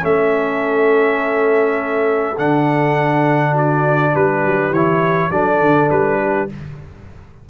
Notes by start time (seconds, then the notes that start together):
0.00 A3 C#4 A4 E5
2.38 D3 D4 F#5
3.52 F#4 D5
4.12 G3 G4 B4
4.43 F#3
4.70 E3 E4 C#5
5.30 F#3 D4 A4 D5
5.60 D3
5.90 G3 B4
6.20 G4